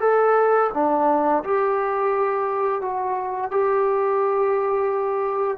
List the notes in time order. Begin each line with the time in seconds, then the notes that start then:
0.00 A4
0.74 D4
1.43 G4
2.81 F#4
3.51 G4